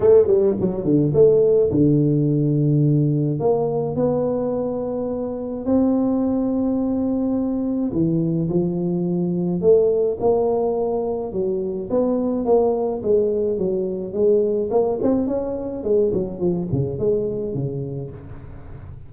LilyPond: \new Staff \with { instrumentName = "tuba" } { \time 4/4 \tempo 4 = 106 a8 g8 fis8 d8 a4 d4~ | d2 ais4 b4~ | b2 c'2~ | c'2 e4 f4~ |
f4 a4 ais2 | fis4 b4 ais4 gis4 | fis4 gis4 ais8 c'8 cis'4 | gis8 fis8 f8 cis8 gis4 cis4 | }